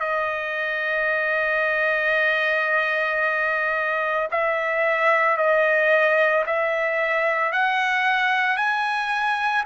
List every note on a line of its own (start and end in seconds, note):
0.00 4.29 D#5
4.31 5.37 E5
5.37 6.44 D#5
6.47 7.52 E5
7.52 8.57 F#5
8.57 9.64 G#5